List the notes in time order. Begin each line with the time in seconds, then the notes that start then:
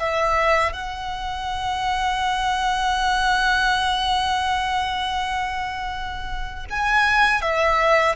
0.00 E5
0.73 F#5
6.71 G#5
7.42 E5